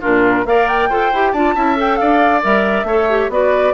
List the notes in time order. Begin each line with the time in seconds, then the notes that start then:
0.00 A#2 D4 F4 A#4
0.45 A#3 A#4 D5 F5
0.67 G5
0.89 F4 A4 C5
1.13 E4 G4
1.32 D4 F4 D5 A5
1.55 C#4 E4 E5
1.75 A4 G5
1.96 D4 D5 F5
2.42 G3 A#4 E5
2.83 A3 C#5
2.89 A4
3.09 G4
3.29 B3 F#4 B4 D5